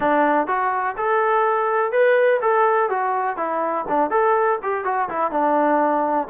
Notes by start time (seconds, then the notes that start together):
0.00 D4
0.47 F#4
0.97 A4
1.92 B4
2.41 A4
2.89 F#4
3.37 E4
3.88 D4
4.10 A4
4.62 G4
4.84 F#4
5.09 E4
5.31 D4